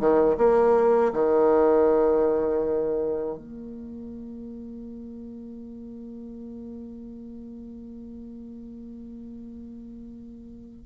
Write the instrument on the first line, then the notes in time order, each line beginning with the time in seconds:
bassoon
0.00 D#3
0.38 A#3
1.14 D#3
3.38 A#3